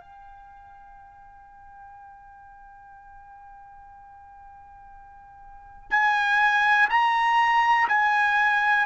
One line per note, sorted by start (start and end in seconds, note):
0.00 5.90 G5
5.90 6.89 G#5
6.89 7.88 A#5
7.88 8.86 G#5